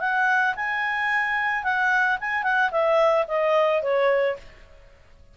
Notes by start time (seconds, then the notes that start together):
0.00 F#5
0.56 G#5
1.63 F#5
2.20 G#5
2.43 F#5
2.71 E5
3.28 D#5
3.83 C#5